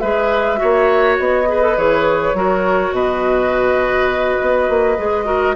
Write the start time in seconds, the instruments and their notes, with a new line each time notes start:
0.00 bassoon G#3, clarinet G#4, oboe B4, flute E5
0.57 clarinet F#4, oboe C#5
0.63 bassoon A#3
1.19 bassoon B3, flute D#5
1.47 clarinet G#4, oboe B4
1.62 clarinet A4
1.77 bassoon E3, clarinet G#4, flute C#5
2.34 bassoon F#3, clarinet F#4, oboe A#4
2.92 bassoon B2, oboe B4, flute D#5
4.42 bassoon B3
4.69 bassoon A#3
4.98 bassoon G#3, clarinet G#4
5.25 clarinet F#4, oboe A#4